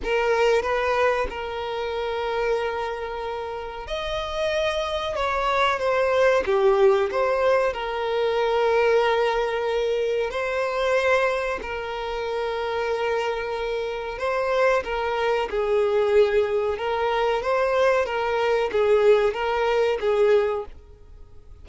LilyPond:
\new Staff \with { instrumentName = "violin" } { \time 4/4 \tempo 4 = 93 ais'4 b'4 ais'2~ | ais'2 dis''2 | cis''4 c''4 g'4 c''4 | ais'1 |
c''2 ais'2~ | ais'2 c''4 ais'4 | gis'2 ais'4 c''4 | ais'4 gis'4 ais'4 gis'4 | }